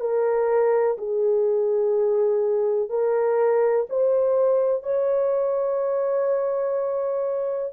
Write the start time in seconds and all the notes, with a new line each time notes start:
0.00 A#4
0.98 G#4
2.89 A#4
3.89 C5
4.83 C#5